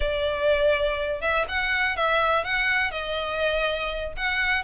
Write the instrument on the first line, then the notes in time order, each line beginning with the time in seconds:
violin
0.00 D5
1.21 E5
1.48 F#5
1.96 E5
2.44 F#5
2.91 D#5
4.17 F#5